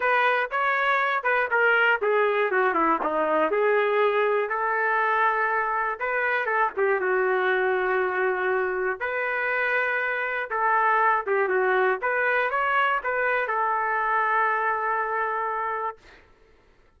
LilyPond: \new Staff \with { instrumentName = "trumpet" } { \time 4/4 \tempo 4 = 120 b'4 cis''4. b'8 ais'4 | gis'4 fis'8 e'8 dis'4 gis'4~ | gis'4 a'2. | b'4 a'8 g'8 fis'2~ |
fis'2 b'2~ | b'4 a'4. g'8 fis'4 | b'4 cis''4 b'4 a'4~ | a'1 | }